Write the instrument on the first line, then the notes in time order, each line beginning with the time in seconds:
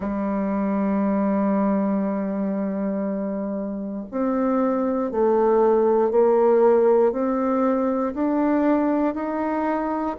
bassoon
0.00 G3
4.11 C4
5.11 A3
6.10 A#3
7.12 C4
8.14 D4
9.14 D#4